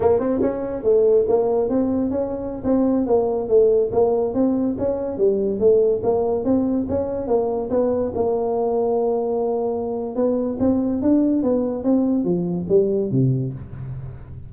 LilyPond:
\new Staff \with { instrumentName = "tuba" } { \time 4/4 \tempo 4 = 142 ais8 c'8 cis'4 a4 ais4 | c'4 cis'4~ cis'16 c'4 ais8.~ | ais16 a4 ais4 c'4 cis'8.~ | cis'16 g4 a4 ais4 c'8.~ |
c'16 cis'4 ais4 b4 ais8.~ | ais1 | b4 c'4 d'4 b4 | c'4 f4 g4 c4 | }